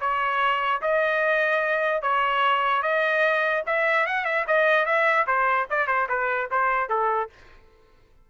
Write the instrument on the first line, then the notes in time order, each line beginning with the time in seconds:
trumpet
0.00 C#5
0.81 D#5
2.02 C#5
2.82 D#5
3.66 E5
4.06 F#5
4.25 E5
4.47 D#5
4.85 E5
5.26 C5
5.69 D5
5.87 C5
6.09 B4
6.50 C5
6.89 A4